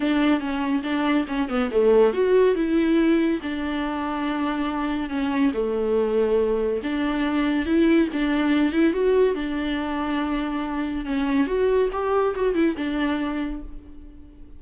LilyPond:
\new Staff \with { instrumentName = "viola" } { \time 4/4 \tempo 4 = 141 d'4 cis'4 d'4 cis'8 b8 | a4 fis'4 e'2 | d'1 | cis'4 a2. |
d'2 e'4 d'4~ | d'8 e'8 fis'4 d'2~ | d'2 cis'4 fis'4 | g'4 fis'8 e'8 d'2 | }